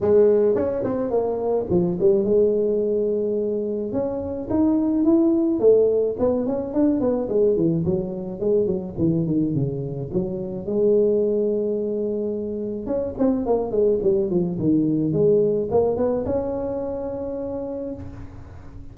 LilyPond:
\new Staff \with { instrumentName = "tuba" } { \time 4/4 \tempo 4 = 107 gis4 cis'8 c'8 ais4 f8 g8 | gis2. cis'4 | dis'4 e'4 a4 b8 cis'8 | d'8 b8 gis8 e8 fis4 gis8 fis8 |
e8 dis8 cis4 fis4 gis4~ | gis2. cis'8 c'8 | ais8 gis8 g8 f8 dis4 gis4 | ais8 b8 cis'2. | }